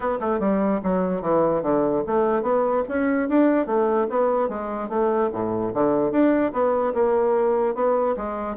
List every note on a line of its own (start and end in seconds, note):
0.00 0.18 B3
0.20 0.39 A3
0.39 0.80 G3
0.83 1.21 F#3
1.21 1.62 E3
1.62 2.03 D3
2.06 2.42 A3
2.42 2.83 B3
2.88 3.28 C#4
3.28 3.66 D4
3.66 4.07 A3
4.09 4.49 B3
4.49 4.89 G#3
4.89 5.30 A3
5.32 5.73 A2
5.74 6.11 D3
6.11 6.52 D4
6.52 6.93 B3
6.94 7.74 A#3
7.74 8.15 B3
8.16 8.56 G#3